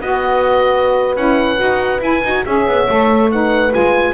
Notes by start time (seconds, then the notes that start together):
0.00 B3 F#4 B4 D#5
1.16 C#4 E4 F#5
1.57 D#4 F#4
2.00 E4 G#5
2.23 D#4 F#4
2.45 C#4 G#4 C#5 E5
2.66 B3
2.87 A3 A4
3.30 D#4 B4 F#5
3.71 G#3 F4 G#5